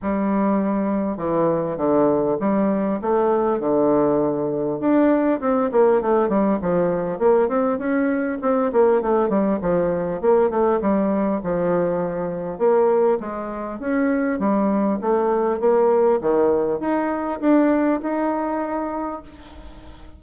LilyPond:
\new Staff \with { instrumentName = "bassoon" } { \time 4/4 \tempo 4 = 100 g2 e4 d4 | g4 a4 d2 | d'4 c'8 ais8 a8 g8 f4 | ais8 c'8 cis'4 c'8 ais8 a8 g8 |
f4 ais8 a8 g4 f4~ | f4 ais4 gis4 cis'4 | g4 a4 ais4 dis4 | dis'4 d'4 dis'2 | }